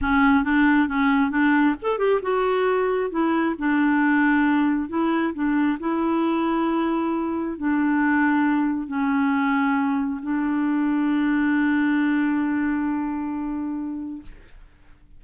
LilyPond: \new Staff \with { instrumentName = "clarinet" } { \time 4/4 \tempo 4 = 135 cis'4 d'4 cis'4 d'4 | a'8 g'8 fis'2 e'4 | d'2. e'4 | d'4 e'2.~ |
e'4 d'2. | cis'2. d'4~ | d'1~ | d'1 | }